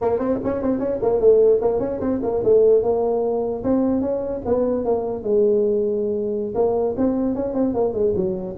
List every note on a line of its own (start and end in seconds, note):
0.01 0.18 A#3
0.18 0.38 C4
0.44 0.62 C#4
0.62 0.79 C4
0.79 0.99 C#4
1.01 1.20 A#3
1.20 1.60 A3
1.61 1.79 A#3
1.79 1.99 C#4
2.00 2.20 C4
2.23 2.43 A#3
2.44 2.82 A3
2.82 3.63 A#3
3.63 4.01 C4
4.01 4.41 C#4
4.45 4.84 B3
4.84 5.23 A#3
5.23 6.54 G#3
6.54 6.95 A#3
6.97 7.34 C4
7.34 7.54 C#4
7.54 7.74 C4
7.74 7.93 A#3
7.93 8.13 G#3
8.15 8.56 F#3